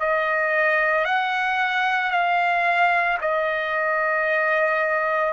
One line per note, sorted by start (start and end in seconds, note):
0.00 1.05 D#5
1.05 2.11 F#5
2.11 3.18 F5
3.21 5.33 D#5